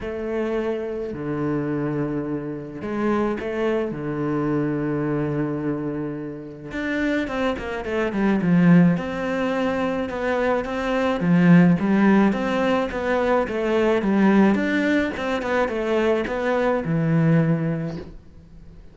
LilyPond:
\new Staff \with { instrumentName = "cello" } { \time 4/4 \tempo 4 = 107 a2 d2~ | d4 gis4 a4 d4~ | d1 | d'4 c'8 ais8 a8 g8 f4 |
c'2 b4 c'4 | f4 g4 c'4 b4 | a4 g4 d'4 c'8 b8 | a4 b4 e2 | }